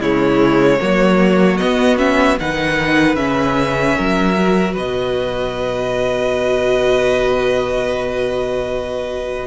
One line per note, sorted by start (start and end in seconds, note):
0.00 0.79 C#3
0.00 0.80 G#3
0.00 0.79 E4
0.00 1.57 C#5
0.81 1.60 F#3
0.81 1.60 A#3
0.81 2.40 F#4
1.57 1.97 B3
1.57 2.40 B3
1.57 1.97 D#5
1.97 2.37 C#4
1.97 2.37 E5
2.40 3.15 D#3
2.40 3.17 D#4
2.40 3.97 B4
2.40 3.15 F#5
3.15 3.94 C#3
3.15 4.35 C#4
3.15 4.73 E5
3.97 4.77 F#3
3.97 4.73 A#4
4.37 9.46 F#4
4.73 9.46 B2
4.73 9.46 B4
4.73 9.46 D#5